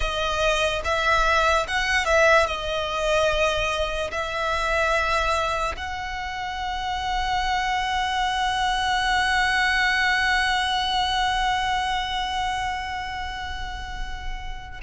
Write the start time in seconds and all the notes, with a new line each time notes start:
0.00 D#5
0.84 E5
1.67 F#5
2.05 E5
2.46 D#5
4.11 E5
5.76 F#5